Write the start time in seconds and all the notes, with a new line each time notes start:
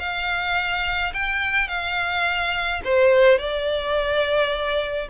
0.00 F5
1.14 G5
1.69 F5
2.85 C5
3.39 D5